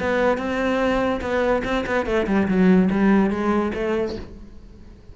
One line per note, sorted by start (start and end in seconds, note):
0.00 0.37 B3
0.37 1.20 C4
1.21 1.62 B3
1.64 1.85 C4
1.86 2.06 B3
2.06 2.26 A3
2.27 2.47 G3
2.48 2.89 F#3
2.91 3.30 G3
3.30 3.72 G#3
3.74 4.16 A3